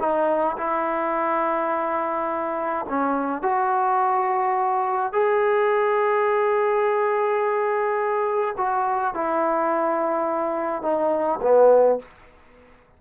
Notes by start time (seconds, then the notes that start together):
0.00 D#4
0.58 E4
2.89 C#4
3.43 F#4
5.13 G#4
8.58 F#4
9.15 E4
10.83 D#4
11.42 B3